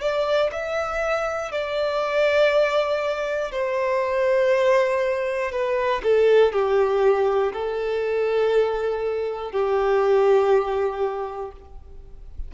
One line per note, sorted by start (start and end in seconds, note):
0.00 0.50 D5
0.52 1.52 E5
1.52 3.51 D5
3.51 5.51 C5
5.51 6.01 B4
6.03 6.52 A4
6.52 7.52 G4
7.52 9.51 A4
9.51 11.51 G4